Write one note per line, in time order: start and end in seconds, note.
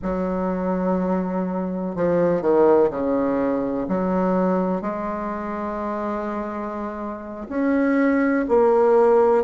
0.02 1.95 F#3
1.95 2.41 F3
2.41 2.90 D#3
2.90 3.87 C#3
3.88 4.81 F#3
4.81 7.47 G#3
7.49 8.45 C#4
8.48 9.44 A#3